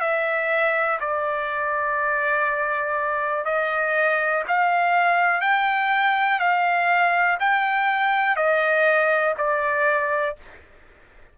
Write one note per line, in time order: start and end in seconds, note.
0.00 0.98 E5
1.00 3.45 D5
3.45 4.43 D#5
4.48 5.41 F5
5.41 6.39 G5
6.39 7.37 F5
7.39 8.36 G5
8.36 9.34 D#5
9.38 10.36 D5